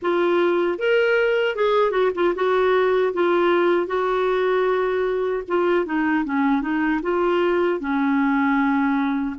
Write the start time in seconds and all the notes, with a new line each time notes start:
0.02 F4
0.78 A#4
1.55 G#4
1.91 F#4
2.14 F4
2.35 F#4
3.13 F4
3.86 F#4
5.48 F4
5.85 D#4
6.24 C#4
6.61 D#4
7.02 F4
7.80 C#4